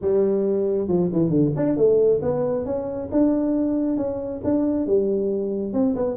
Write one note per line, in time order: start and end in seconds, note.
0.01 0.88 G3
0.88 1.10 F3
1.12 1.29 E3
1.29 1.51 D3
1.56 1.76 D4
1.76 2.21 A3
2.22 2.65 B3
2.65 3.09 C#4
3.11 3.96 D4
3.96 4.41 C#4
4.43 4.86 D4
4.86 5.73 G3
5.73 5.95 C4
5.95 6.16 B3